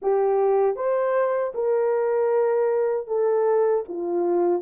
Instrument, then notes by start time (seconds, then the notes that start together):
horn
0.02 G4
0.76 C5
1.54 A#4
3.07 A4
3.88 F4